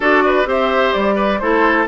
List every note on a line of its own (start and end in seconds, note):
0.00 0.45 D4
0.00 0.45 F#4
0.00 0.23 A4
0.00 0.48 D5
0.25 0.48 B4
0.45 0.92 C4
0.45 1.38 G4
0.45 1.15 C5
0.45 0.92 E5
0.92 1.40 G3
0.92 1.39 D5
1.15 1.38 B4
1.39 1.87 A3
1.39 1.87 E4
1.39 1.87 A4
1.39 1.86 C5